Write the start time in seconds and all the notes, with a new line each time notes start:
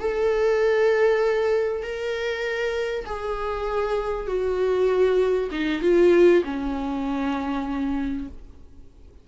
0.00 A4
1.83 A#4
3.06 G#4
4.27 F#4
5.51 D#4
5.82 F4
6.44 C#4